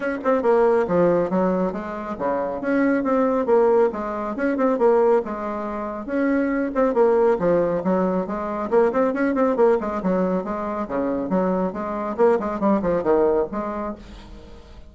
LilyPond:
\new Staff \with { instrumentName = "bassoon" } { \time 4/4 \tempo 4 = 138 cis'8 c'8 ais4 f4 fis4 | gis4 cis4 cis'4 c'4 | ais4 gis4 cis'8 c'8 ais4 | gis2 cis'4. c'8 |
ais4 f4 fis4 gis4 | ais8 c'8 cis'8 c'8 ais8 gis8 fis4 | gis4 cis4 fis4 gis4 | ais8 gis8 g8 f8 dis4 gis4 | }